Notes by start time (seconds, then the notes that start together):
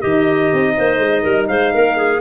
0.00 D#3 D#4 G4 D#5
0.53 C4
0.76 A#3 C5
0.98 G#3
1.23 G3 A#4
1.47 G#3 C5 F5
1.73 A#3 A#4
1.96 G#4